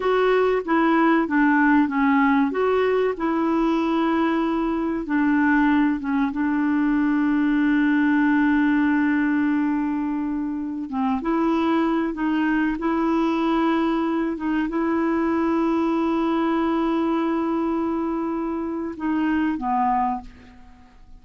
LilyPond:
\new Staff \with { instrumentName = "clarinet" } { \time 4/4 \tempo 4 = 95 fis'4 e'4 d'4 cis'4 | fis'4 e'2. | d'4. cis'8 d'2~ | d'1~ |
d'4~ d'16 c'8 e'4. dis'8.~ | dis'16 e'2~ e'8 dis'8 e'8.~ | e'1~ | e'2 dis'4 b4 | }